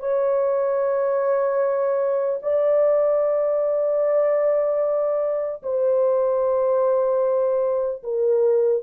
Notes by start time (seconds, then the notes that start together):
0.00 C#5
2.43 D5
5.63 C5
8.03 A#4